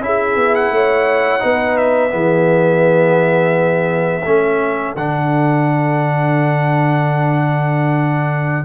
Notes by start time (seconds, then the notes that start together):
0.00 C#4 E4 G#4 E5
0.35 B3
0.55 F#5
0.70 A3 C#5
1.40 B3 D#4 B4
1.77 E5
2.10 E3 B3 G#4
4.24 A3 C#4 A4
4.95 D3 D4 F#5